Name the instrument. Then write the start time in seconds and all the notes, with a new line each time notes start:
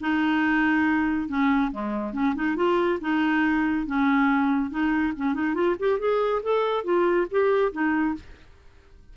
clarinet
0.00 D#4
1.28 C#4
1.71 G#3
2.13 C#4
2.35 D#4
2.56 F4
3.00 D#4
3.86 C#4
4.70 D#4
5.16 C#4
5.34 D#4
5.54 F4
5.79 G4
5.99 G#4
6.42 A4
6.84 F4
7.30 G4
7.72 D#4